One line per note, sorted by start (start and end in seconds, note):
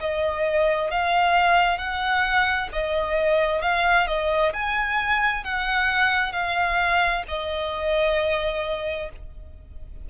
0.00 0.90 D#5
0.90 1.78 F5
1.78 2.69 F#5
2.72 3.62 D#5
3.62 4.07 F5
4.07 4.53 D#5
4.53 5.44 G#5
5.44 6.32 F#5
6.32 7.23 F5
7.28 9.10 D#5